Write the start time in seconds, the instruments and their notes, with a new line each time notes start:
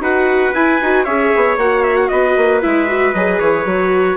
0.00 bassoon D#4, viola F#4, trumpet B4 F#5
0.54 bassoon E4, viola E4, trumpet G#5
0.82 bassoon D#4, viola F#4
1.04 bassoon C#4, viola G#4, trumpet C#5 E5
1.36 bassoon B3
1.57 bassoon A#3, viola F#4, trumpet F#5
1.83 trumpet E5
1.96 trumpet F#5
2.08 bassoon B3, trumpet B4 D#5
2.37 bassoon A#3
2.62 bassoon G#3, viola E4, trumpet E5
2.87 viola F#4
3.14 bassoon F#3, viola G#4, trumpet D#5
3.39 bassoon E3, trumpet C#5
3.65 bassoon F#3, viola F#4